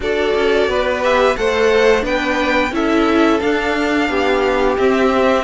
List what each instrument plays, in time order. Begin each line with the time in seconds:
0.00 cello D4, viola F#4, violin A4 D5
0.35 cello C#4
0.67 cello B3, violin B4
1.01 viola G4, violin E5
1.36 cello A3, viola A4, violin C5 F#5
2.00 cello B3, viola D4, violin B4 G5
2.71 cello C#4, viola E4, violin A4 E5
3.40 viola D4, cello D4, violin F5
4.08 cello B3, violin G4
4.77 viola C4, cello C4, violin E5